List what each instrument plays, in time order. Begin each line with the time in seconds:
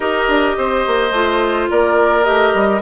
0.00 bassoon D#4, clarinet G4, oboe A#4, flute D#5
0.27 bassoon D4
0.57 bassoon C4, oboe C5
0.86 bassoon A#3
1.11 bassoon A3, clarinet F4
1.70 bassoon A#3, oboe A#4, flute D5
2.23 bassoon A3, clarinet G4, flute D#5
2.53 bassoon G3